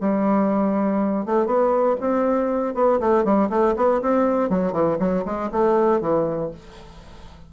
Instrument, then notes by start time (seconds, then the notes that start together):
bassoon
0.00 G3
1.25 A3
1.46 B3
2.00 C4
2.74 B3
3.00 A3
3.24 G3
3.49 A3
3.76 B3
4.01 C4
4.49 F#3
4.72 E3
4.99 F#3
5.25 G#3
5.51 A3
6.00 E3